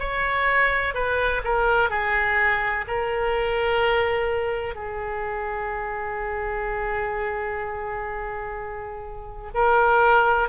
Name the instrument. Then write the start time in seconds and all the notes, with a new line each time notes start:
oboe
0.00 C#5
0.94 B4
1.45 A#4
1.90 G#4
2.88 A#4
4.75 G#4
9.55 A#4